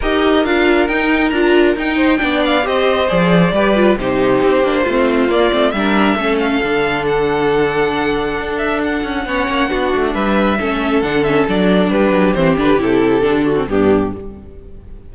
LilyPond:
<<
  \new Staff \with { instrumentName = "violin" } { \time 4/4 \tempo 4 = 136 dis''4 f''4 g''4 ais''4 | g''4. f''8 dis''4 d''4~ | d''4 c''2. | d''4 e''4. f''4. |
fis''2.~ fis''8 e''8 | fis''2. e''4~ | e''4 fis''8 e''8 d''4 b'4 | c''8 b'8 a'2 g'4 | }
  \new Staff \with { instrumentName = "violin" } { \time 4/4 ais'1~ | ais'8 c''8 d''4 c''2 | b'4 g'2 f'4~ | f'4 ais'4 a'2~ |
a'1~ | a'4 cis''4 fis'4 b'4 | a'2. g'4~ | g'2~ g'8 fis'8 d'4 | }
  \new Staff \with { instrumentName = "viola" } { \time 4/4 g'4 f'4 dis'4 f'4 | dis'4 d'4 g'4 gis'4 | g'8 f'8 dis'4. d'8 c'4 | ais8 c'8 d'4 cis'4 d'4~ |
d'1~ | d'4 cis'4 d'2 | cis'4 d'8 cis'8 d'2 | c'8 d'8 e'4 d'8. c'16 b4 | }
  \new Staff \with { instrumentName = "cello" } { \time 4/4 dis'4 d'4 dis'4 d'4 | dis'4 b4 c'4 f4 | g4 c4 c'8 ais8 a4 | ais8 a8 g4 a4 d4~ |
d2. d'4~ | d'8 cis'8 b8 ais8 b8 a8 g4 | a4 d4 fis4 g8 fis8 | e8 d8 c4 d4 g,4 | }
>>